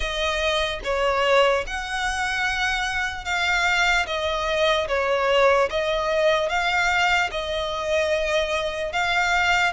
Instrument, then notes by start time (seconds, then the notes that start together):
violin
0.00 D#5
0.83 C#5
1.67 F#5
3.24 F5
4.06 D#5
4.88 C#5
5.69 D#5
6.49 F5
7.31 D#5
8.92 F5